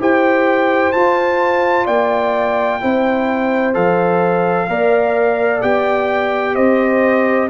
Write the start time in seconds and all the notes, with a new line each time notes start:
0.00 E4 G4 C5 G5
0.93 F4 A5
1.86 A#3 D5 G5
2.81 C4 E4 C5
3.74 F3 A4 F5
4.69 A#3 A#4 D5
5.62 B3 G4 G5
6.55 C4 C5 D#5